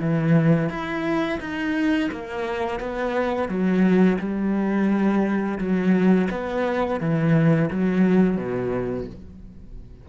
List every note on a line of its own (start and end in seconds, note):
0.00 0.69 E3
0.69 1.39 E4
1.41 2.11 D#4
2.12 2.80 A#3
2.80 3.49 B3
3.49 4.19 F#3
4.20 5.58 G3
5.58 6.28 F#3
6.31 7.01 B3
7.01 7.70 E3
7.71 8.37 F#3
8.37 9.07 B2